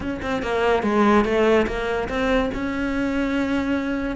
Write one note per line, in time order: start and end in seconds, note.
0.00 0.20 C#4
0.22 0.42 C4
0.42 0.83 A#3
0.83 1.24 G#3
1.24 1.66 A3
1.66 2.08 A#3
2.08 2.50 C4
2.54 4.16 C#4